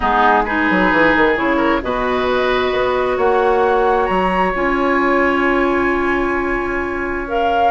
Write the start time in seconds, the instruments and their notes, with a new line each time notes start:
0.00 bassoon G#3, clarinet B3, oboe D#4, flute G#4
0.44 clarinet D#4, oboe G#4, flute B4
0.70 bassoon F#3
0.91 bassoon E3
1.15 bassoon D#3
1.36 bassoon C#3, clarinet E4, flute C#5
1.57 oboe A#4
1.81 bassoon B2, clarinet F#4, oboe B4, flute D#5
2.71 bassoon B3
3.16 bassoon A#3, oboe C#5, flute F#5
4.05 bassoon F#3, flute A#5
4.54 bassoon C#4, clarinet F4, flute G#5
7.27 clarinet A#4, flute F5